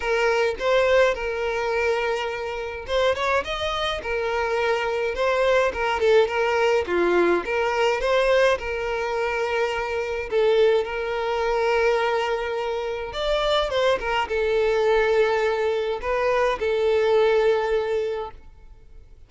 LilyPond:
\new Staff \with { instrumentName = "violin" } { \time 4/4 \tempo 4 = 105 ais'4 c''4 ais'2~ | ais'4 c''8 cis''8 dis''4 ais'4~ | ais'4 c''4 ais'8 a'8 ais'4 | f'4 ais'4 c''4 ais'4~ |
ais'2 a'4 ais'4~ | ais'2. d''4 | c''8 ais'8 a'2. | b'4 a'2. | }